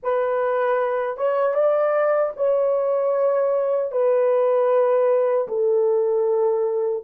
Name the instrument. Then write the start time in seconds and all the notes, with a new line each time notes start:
horn
0.02 B4
1.17 C#5
1.54 D5
2.36 C#5
3.91 B4
5.48 A4